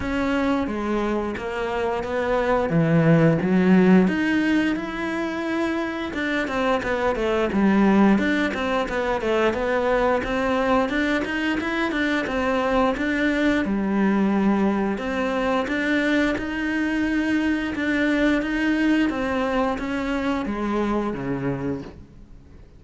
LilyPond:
\new Staff \with { instrumentName = "cello" } { \time 4/4 \tempo 4 = 88 cis'4 gis4 ais4 b4 | e4 fis4 dis'4 e'4~ | e'4 d'8 c'8 b8 a8 g4 | d'8 c'8 b8 a8 b4 c'4 |
d'8 dis'8 e'8 d'8 c'4 d'4 | g2 c'4 d'4 | dis'2 d'4 dis'4 | c'4 cis'4 gis4 cis4 | }